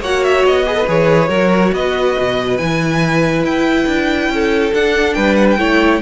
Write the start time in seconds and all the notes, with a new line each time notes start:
0.00 A#3 F#4 C#5 F#5
0.24 E5
0.44 B3 D#5
0.66 G#4 B4
0.74 A4
0.87 E3 G#4 C#5
1.28 F#3 F#4 A#4
1.73 B3 B4 D#5
2.18 B2
2.57 E3 E4 G#5
3.43 E4 G5
3.87 D4
4.29 C#4 A4
4.73 D4 F#5
5.14 G3 B4 G5
5.36 F#5
5.50 G5
5.58 A3 E4 C#5